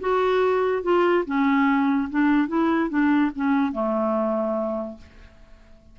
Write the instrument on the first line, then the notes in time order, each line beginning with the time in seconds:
clarinet
0.00 F#4
0.83 F4
1.25 C#4
2.09 D4
2.47 E4
2.89 D4
3.35 C#4
3.72 A3